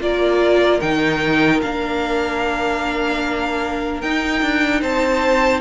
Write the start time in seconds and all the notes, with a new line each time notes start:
0.00 A#3 F4 A#4 D5
0.80 D#3 D#4 G5
1.61 A#3 D4 F5
4.01 D#4 G5
4.42 D4
4.80 C4 C5 A5